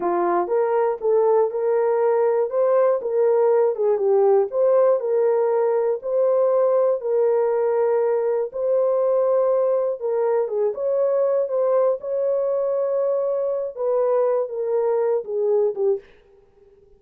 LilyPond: \new Staff \with { instrumentName = "horn" } { \time 4/4 \tempo 4 = 120 f'4 ais'4 a'4 ais'4~ | ais'4 c''4 ais'4. gis'8 | g'4 c''4 ais'2 | c''2 ais'2~ |
ais'4 c''2. | ais'4 gis'8 cis''4. c''4 | cis''2.~ cis''8 b'8~ | b'4 ais'4. gis'4 g'8 | }